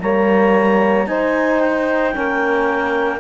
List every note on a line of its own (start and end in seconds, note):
0.00 1.07 G3
0.00 1.07 A#3
0.00 1.09 C#5
0.00 1.08 A#5
1.07 2.13 D#4
1.07 2.14 D#4
1.07 2.15 C5
1.07 1.60 G#5
1.60 3.21 G5
2.13 3.21 A#3
2.13 3.21 C#4
2.13 3.21 A#4